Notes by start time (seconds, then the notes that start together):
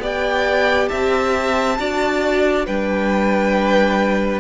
0.00 B3 G4 D5 G5
0.88 C4 E5 A5
1.78 D4 F#4 D5
2.66 G3 D4 B4 G5